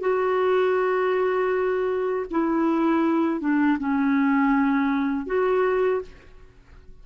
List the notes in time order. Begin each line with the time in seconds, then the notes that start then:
0.00 F#4
2.30 E4
3.40 D4
3.79 C#4
5.26 F#4